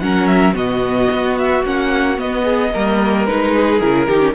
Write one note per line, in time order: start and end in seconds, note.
0.00 0.54 F#3
0.00 0.54 C#4
0.00 0.54 A#4
0.00 0.27 F#5
0.27 0.54 E5
0.54 1.08 B2
0.54 1.62 B3
0.54 2.43 F#4
0.54 1.38 D#5
1.11 1.64 B3
1.38 1.65 E5
1.64 2.18 A#3
1.64 2.16 C#4
1.64 2.19 F#5
2.16 2.70 B3
2.16 2.73 B3
2.16 3.26 D#5
2.43 2.70 G#4
2.73 3.28 G3
2.73 3.28 A#3
2.73 3.55 A#4
3.26 3.81 G#3
3.26 3.81 D#4
3.26 3.79 B4
3.56 4.07 G#4
3.79 4.08 C#3
3.79 4.08 E4
3.79 4.33 A#4
4.07 4.35 D#3
4.07 4.20 D#4
4.07 4.34 G4
4.20 4.33 C#4